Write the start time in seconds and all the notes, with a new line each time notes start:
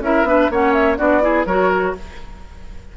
0.00 C#4 E4 A#4 E5
0.23 B3 D4 B4
0.50 A#3 C#4 C#5 F#5
0.73 E5
0.97 B3 D4 F#4 D5
1.21 E4 G#4
1.45 F#3 F#4 A#4 C#5